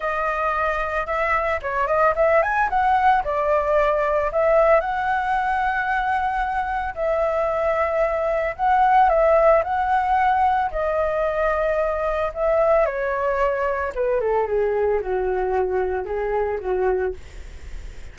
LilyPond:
\new Staff \with { instrumentName = "flute" } { \time 4/4 \tempo 4 = 112 dis''2 e''4 cis''8 dis''8 | e''8 gis''8 fis''4 d''2 | e''4 fis''2.~ | fis''4 e''2. |
fis''4 e''4 fis''2 | dis''2. e''4 | cis''2 b'8 a'8 gis'4 | fis'2 gis'4 fis'4 | }